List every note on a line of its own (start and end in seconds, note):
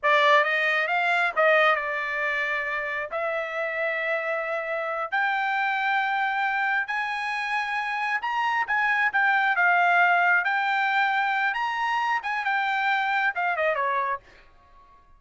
0.03 0.44 D5
0.44 0.87 D#5
0.87 1.32 F5
1.36 1.75 D#5
1.75 3.09 D5
3.11 5.11 E5
5.11 6.87 G5
6.87 8.20 G#5
8.21 8.65 A#5
8.67 9.11 G#5
9.12 9.56 G5
9.56 10.44 F5
10.44 11.54 G5
11.54 12.20 A#5
12.22 12.44 G#5
12.44 13.33 G5
13.35 13.56 F5
13.56 13.75 D#5
13.75 14.19 C#5